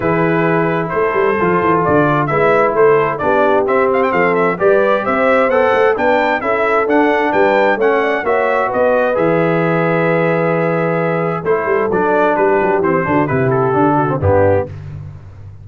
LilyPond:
<<
  \new Staff \with { instrumentName = "trumpet" } { \time 4/4 \tempo 4 = 131 b'2 c''2 | d''4 e''4 c''4 d''4 | e''8 f''16 g''16 f''8 e''8 d''4 e''4 | fis''4 g''4 e''4 fis''4 |
g''4 fis''4 e''4 dis''4 | e''1~ | e''4 c''4 d''4 b'4 | c''4 b'8 a'4. g'4 | }
  \new Staff \with { instrumentName = "horn" } { \time 4/4 gis'2 a'2~ | a'4 b'4 a'4 g'4~ | g'4 a'4 b'4 c''4~ | c''4 b'4 a'2 |
b'4 cis''8 d''8 cis''4 b'4~ | b'1~ | b'4 a'2 g'4~ | g'8 fis'8 g'4. fis'8 d'4 | }
  \new Staff \with { instrumentName = "trombone" } { \time 4/4 e'2. f'4~ | f'4 e'2 d'4 | c'2 g'2 | a'4 d'4 e'4 d'4~ |
d'4 cis'4 fis'2 | gis'1~ | gis'4 e'4 d'2 | c'8 d'8 e'4 d'8. c'16 b4 | }
  \new Staff \with { instrumentName = "tuba" } { \time 4/4 e2 a8 g8 f8 e8 | d4 gis4 a4 b4 | c'4 f4 g4 c'4 | b8 a8 b4 cis'4 d'4 |
g4 a4 ais4 b4 | e1~ | e4 a8 g8 fis4 g8 fis8 | e8 d8 c4 d4 g,4 | }
>>